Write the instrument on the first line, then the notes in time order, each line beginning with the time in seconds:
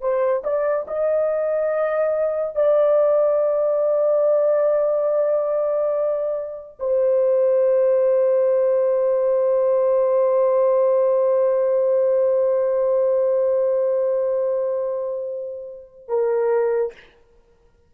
horn
0.00 C5
0.43 D5
0.87 D#5
2.55 D5
6.79 C5
16.08 A#4